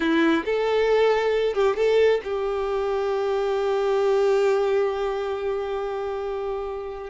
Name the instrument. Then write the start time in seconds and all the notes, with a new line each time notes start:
violin
0.00 E4
0.45 A4
1.54 G4
1.76 A4
2.24 G4